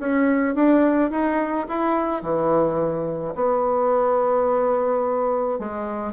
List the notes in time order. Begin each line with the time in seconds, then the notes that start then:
0.00 C#4
0.56 D4
1.11 D#4
1.69 E4
2.23 E3
3.35 B3
5.59 G#3